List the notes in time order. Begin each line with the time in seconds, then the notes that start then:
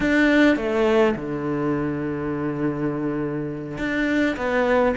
0.00 D4
0.56 A3
1.15 D3
3.78 D4
4.36 B3